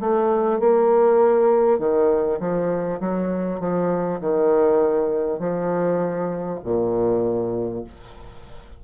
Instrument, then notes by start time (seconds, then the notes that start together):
bassoon
0.00 A3
0.59 A#3
1.78 D#3
2.39 F3
2.99 F#3
3.59 F3
4.20 D#3
5.39 F3
6.63 A#2